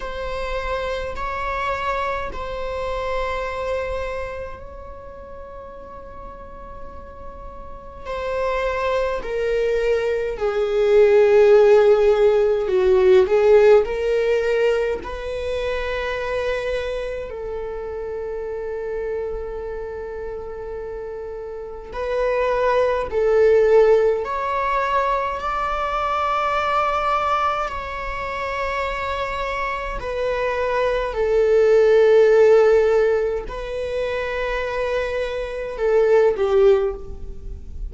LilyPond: \new Staff \with { instrumentName = "viola" } { \time 4/4 \tempo 4 = 52 c''4 cis''4 c''2 | cis''2. c''4 | ais'4 gis'2 fis'8 gis'8 | ais'4 b'2 a'4~ |
a'2. b'4 | a'4 cis''4 d''2 | cis''2 b'4 a'4~ | a'4 b'2 a'8 g'8 | }